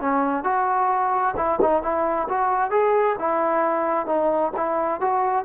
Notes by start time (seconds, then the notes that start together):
0.00 C#4
0.43 F#4
1.36 E4
1.61 D#4
1.82 E4
2.29 F#4
2.71 G#4
3.19 E4
4.06 D#4
4.57 E4
5.00 F#4